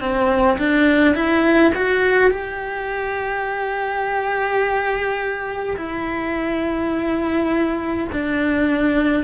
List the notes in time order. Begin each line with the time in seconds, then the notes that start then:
0.00 C4
0.58 D4
1.14 E4
1.75 F#4
2.30 G4
5.77 E4
8.12 D4